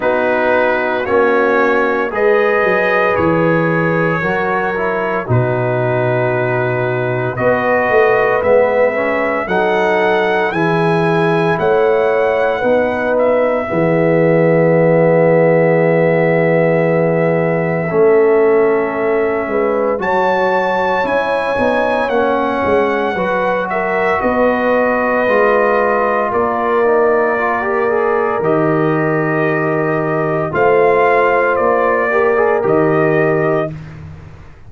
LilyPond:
<<
  \new Staff \with { instrumentName = "trumpet" } { \time 4/4 \tempo 4 = 57 b'4 cis''4 dis''4 cis''4~ | cis''4 b'2 dis''4 | e''4 fis''4 gis''4 fis''4~ | fis''8 e''2.~ e''8~ |
e''2. a''4 | gis''4 fis''4. e''8 dis''4~ | dis''4 d''2 dis''4~ | dis''4 f''4 d''4 dis''4 | }
  \new Staff \with { instrumentName = "horn" } { \time 4/4 fis'2 b'2 | ais'4 fis'2 b'4~ | b'4 a'4 gis'4 cis''4 | b'4 gis'2.~ |
gis'4 a'4. b'8 cis''4~ | cis''2 b'8 ais'8 b'4~ | b'4 ais'2.~ | ais'4 c''4. ais'4. | }
  \new Staff \with { instrumentName = "trombone" } { \time 4/4 dis'4 cis'4 gis'2 | fis'8 e'8 dis'2 fis'4 | b8 cis'8 dis'4 e'2 | dis'4 b2.~ |
b4 cis'2 fis'4 | e'8 dis'8 cis'4 fis'2 | f'4. dis'8 f'16 g'16 gis'8 g'4~ | g'4 f'4. g'16 gis'16 g'4 | }
  \new Staff \with { instrumentName = "tuba" } { \time 4/4 b4 ais4 gis8 fis8 e4 | fis4 b,2 b8 a8 | gis4 fis4 e4 a4 | b4 e2.~ |
e4 a4. gis8 fis4 | cis'8 b8 ais8 gis8 fis4 b4 | gis4 ais2 dis4~ | dis4 a4 ais4 dis4 | }
>>